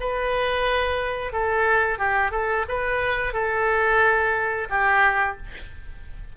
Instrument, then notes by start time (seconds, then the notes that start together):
oboe
0.00 B4
1.32 A4
1.98 G4
2.31 A4
2.68 B4
3.33 A4
4.69 G4